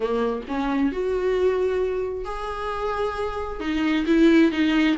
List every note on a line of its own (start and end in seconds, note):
0.00 0.41 A#3
0.48 0.91 C#4
0.91 2.24 F#4
2.24 3.60 G#4
3.60 4.05 D#4
4.06 4.51 E4
4.51 4.96 D#4